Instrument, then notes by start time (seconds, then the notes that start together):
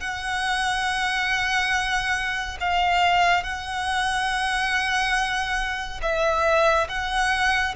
violin
0.00 F#5
2.60 F5
3.43 F#5
6.02 E5
6.88 F#5